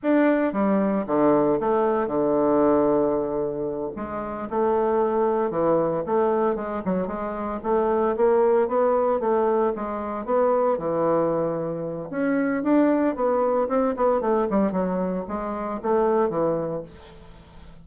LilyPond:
\new Staff \with { instrumentName = "bassoon" } { \time 4/4 \tempo 4 = 114 d'4 g4 d4 a4 | d2.~ d8 gis8~ | gis8 a2 e4 a8~ | a8 gis8 fis8 gis4 a4 ais8~ |
ais8 b4 a4 gis4 b8~ | b8 e2~ e8 cis'4 | d'4 b4 c'8 b8 a8 g8 | fis4 gis4 a4 e4 | }